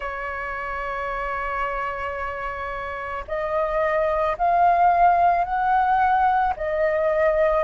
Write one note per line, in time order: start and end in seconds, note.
0.00 3.24 C#5
3.27 4.36 D#5
4.37 5.44 F5
5.44 6.53 F#5
6.56 7.64 D#5